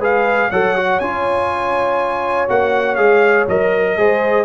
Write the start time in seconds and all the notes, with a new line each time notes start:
0.00 G#3 G#4 B4 F5
0.50 F#3 A4 C#5 F#5
0.77 F#4
1.00 C#4 F4 G#5
2.48 A#3 F#4 F#5
2.95 G#3 G#4 F5
3.48 F#3 A#4 D#5
3.97 G#3 G#4 C5